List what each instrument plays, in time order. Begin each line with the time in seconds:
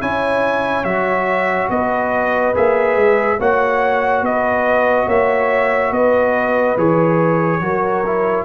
0.00 tuba C#4, trombone E4, horn C#5, trumpet G#5
0.84 tuba F#3, trombone F#4, trumpet E5
1.70 tuba B3, horn B4, trumpet D#5
2.54 tuba A#3, trombone G#4, trumpet E5
2.96 tuba G#3
3.39 tuba A#3, trombone F#4, horn C#5, trumpet F#5
4.22 tuba B3, horn B4, trumpet D#5
5.06 tuba A#3, horn C#5, trumpet E5
5.91 tuba B3, horn B4, trumpet D#5
6.77 tuba E3, trombone G#4, trumpet C#5
7.60 tuba F#3, trombone F#4, horn A#4
8.06 trombone E4